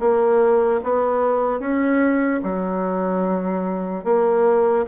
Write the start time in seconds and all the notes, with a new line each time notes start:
0.00 A#3
0.84 B3
1.60 C#4
2.43 F#3
4.05 A#3